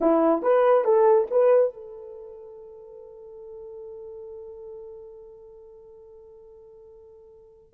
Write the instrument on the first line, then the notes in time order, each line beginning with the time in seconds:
horn
0.00 E4
0.42 B4
0.84 A4
1.30 B4
1.73 A4